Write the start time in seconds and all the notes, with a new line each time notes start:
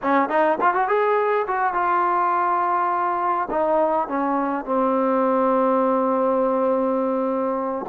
0.02 C#4
0.29 D#4
0.60 F4
0.74 F#4
0.88 G#4
1.47 F#4
1.73 F4
3.50 D#4
4.08 C#4
4.65 C4